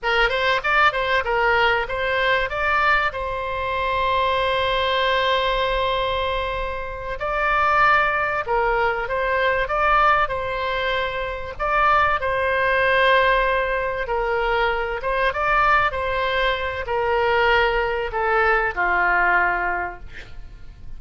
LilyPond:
\new Staff \with { instrumentName = "oboe" } { \time 4/4 \tempo 4 = 96 ais'8 c''8 d''8 c''8 ais'4 c''4 | d''4 c''2.~ | c''2.~ c''8 d''8~ | d''4. ais'4 c''4 d''8~ |
d''8 c''2 d''4 c''8~ | c''2~ c''8 ais'4. | c''8 d''4 c''4. ais'4~ | ais'4 a'4 f'2 | }